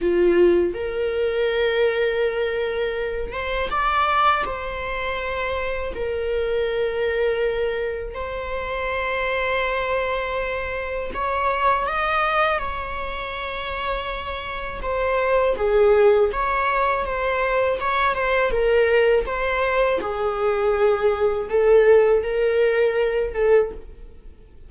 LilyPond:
\new Staff \with { instrumentName = "viola" } { \time 4/4 \tempo 4 = 81 f'4 ais'2.~ | ais'8 c''8 d''4 c''2 | ais'2. c''4~ | c''2. cis''4 |
dis''4 cis''2. | c''4 gis'4 cis''4 c''4 | cis''8 c''8 ais'4 c''4 gis'4~ | gis'4 a'4 ais'4. a'8 | }